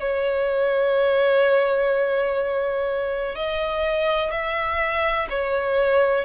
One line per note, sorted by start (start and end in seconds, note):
0.00 3.36 C#5
3.36 4.31 D#5
4.31 5.28 E5
5.30 6.25 C#5